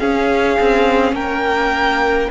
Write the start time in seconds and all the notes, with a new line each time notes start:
0.00 C#4 G#4 F5
0.61 C4
1.12 A#3 A#4 G5